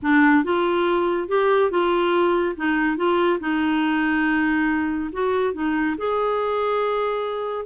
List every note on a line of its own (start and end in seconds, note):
0.02 0.44 D4
0.44 1.28 F4
1.28 1.70 G4
1.70 2.55 F4
2.56 2.96 D#4
2.96 3.39 F4
3.39 5.10 D#4
5.12 5.53 F#4
5.53 5.96 D#4
5.97 7.65 G#4